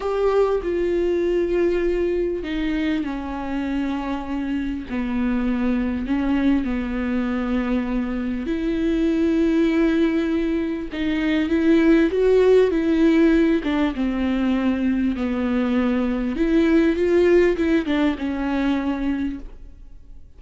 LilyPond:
\new Staff \with { instrumentName = "viola" } { \time 4/4 \tempo 4 = 99 g'4 f'2. | dis'4 cis'2. | b2 cis'4 b4~ | b2 e'2~ |
e'2 dis'4 e'4 | fis'4 e'4. d'8 c'4~ | c'4 b2 e'4 | f'4 e'8 d'8 cis'2 | }